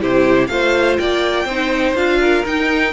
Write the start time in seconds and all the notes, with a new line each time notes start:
0.00 C3 E4 G4 C5
0.47 A3 F4 C5 F5
0.98 A#3 D5 G5
1.45 C4 D#4 C5
1.95 D4 F4 F5
2.21 A#4
2.46 D#4 G5